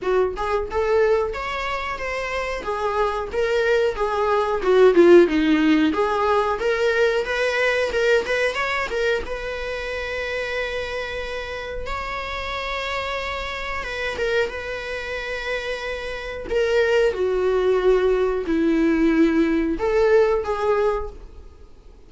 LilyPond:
\new Staff \with { instrumentName = "viola" } { \time 4/4 \tempo 4 = 91 fis'8 gis'8 a'4 cis''4 c''4 | gis'4 ais'4 gis'4 fis'8 f'8 | dis'4 gis'4 ais'4 b'4 | ais'8 b'8 cis''8 ais'8 b'2~ |
b'2 cis''2~ | cis''4 b'8 ais'8 b'2~ | b'4 ais'4 fis'2 | e'2 a'4 gis'4 | }